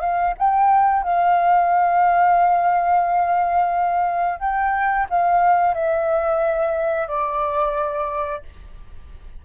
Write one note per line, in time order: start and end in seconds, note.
0.00 0.34 F5
0.37 1.03 G5
1.03 4.39 F5
4.39 5.07 G5
5.10 5.74 F5
5.74 7.08 E5
7.08 8.43 D5